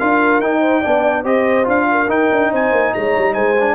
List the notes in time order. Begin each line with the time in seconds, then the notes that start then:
0.00 D4 F4 A#4 F5
0.40 D#4 G5
0.60 C5
0.81 B3 D4 D5
1.23 C4 G4 C5 D#5
1.65 D4 F4 F5
1.92 A#4
2.09 D#4 G5
2.32 D4
2.52 C4 C5 G#5
2.72 A#3
2.94 G#3 C#5 A#5
3.18 G3
3.34 G#3 C5 G#5
3.60 D4